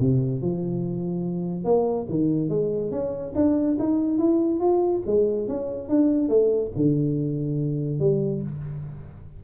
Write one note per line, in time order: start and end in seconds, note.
0.00 0.42 C3
0.42 1.65 F3
1.65 2.07 A#3
2.10 2.49 D#3
2.49 2.92 G#3
2.92 3.34 C#4
3.36 3.78 D4
3.80 4.19 D#4
4.19 4.61 E4
4.61 5.03 F4
5.07 5.48 G#3
5.48 5.89 C#4
5.89 6.29 D4
6.29 6.72 A3
6.77 8.00 D3
8.00 8.42 G3